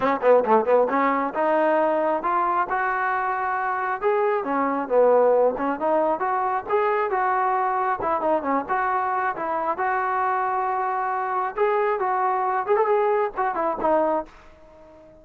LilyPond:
\new Staff \with { instrumentName = "trombone" } { \time 4/4 \tempo 4 = 135 cis'8 b8 a8 b8 cis'4 dis'4~ | dis'4 f'4 fis'2~ | fis'4 gis'4 cis'4 b4~ | b8 cis'8 dis'4 fis'4 gis'4 |
fis'2 e'8 dis'8 cis'8 fis'8~ | fis'4 e'4 fis'2~ | fis'2 gis'4 fis'4~ | fis'8 gis'16 a'16 gis'4 fis'8 e'8 dis'4 | }